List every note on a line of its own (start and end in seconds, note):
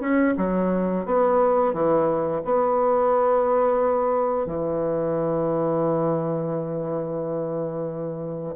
0.00 0.34 C#4
0.37 1.05 F#3
1.05 1.73 B3
1.73 2.41 E3
2.44 4.46 B3
4.46 8.55 E3